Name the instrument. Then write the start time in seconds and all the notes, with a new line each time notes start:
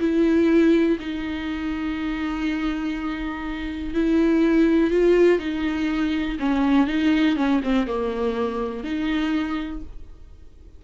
viola
0.00 E4
0.99 D#4
3.94 E4
4.91 F4
5.39 D#4
6.40 C#4
6.87 D#4
7.37 C#4
7.64 C4
7.87 A#3
8.84 D#4